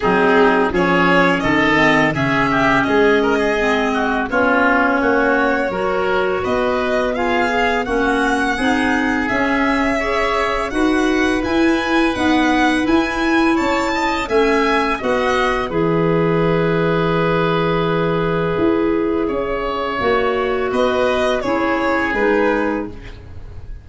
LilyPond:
<<
  \new Staff \with { instrumentName = "violin" } { \time 4/4 \tempo 4 = 84 gis'4 cis''4 dis''4 e''4 | dis''2 cis''2~ | cis''4 dis''4 f''4 fis''4~ | fis''4 e''2 fis''4 |
gis''4 fis''4 gis''4 a''4 | gis''4 fis''4 e''2~ | e''1~ | e''4 dis''4 cis''4 b'4 | }
  \new Staff \with { instrumentName = "oboe" } { \time 4/4 dis'4 gis'4 a'4 gis'8 g'8 | gis'8 ais'16 gis'8. fis'8 f'4 fis'4 | ais'4 b'4 gis'4 fis'4 | gis'2 cis''4 b'4~ |
b'2. cis''8 dis''8 | e''4 dis''4 b'2~ | b'2. cis''4~ | cis''4 b'4 gis'2 | }
  \new Staff \with { instrumentName = "clarinet" } { \time 4/4 c'4 cis'4. c'8 cis'4~ | cis'4 c'4 cis'2 | fis'2 f'8 gis'8 cis'4 | dis'4 cis'4 gis'4 fis'4 |
e'4 b4 e'2 | cis'4 fis'4 gis'2~ | gis'1 | fis'2 e'4 dis'4 | }
  \new Staff \with { instrumentName = "tuba" } { \time 4/4 fis4 f4 dis4 cis4 | gis2 b4 ais4 | fis4 b2 ais4 | c'4 cis'2 dis'4 |
e'4 dis'4 e'4 cis'4 | a4 b4 e2~ | e2 e'4 cis'4 | ais4 b4 cis'4 gis4 | }
>>